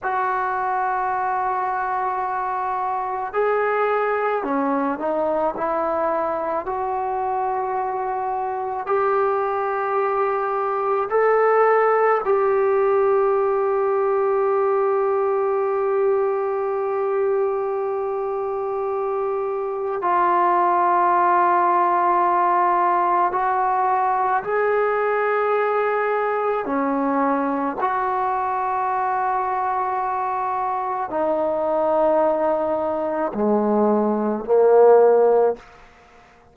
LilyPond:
\new Staff \with { instrumentName = "trombone" } { \time 4/4 \tempo 4 = 54 fis'2. gis'4 | cis'8 dis'8 e'4 fis'2 | g'2 a'4 g'4~ | g'1~ |
g'2 f'2~ | f'4 fis'4 gis'2 | cis'4 fis'2. | dis'2 gis4 ais4 | }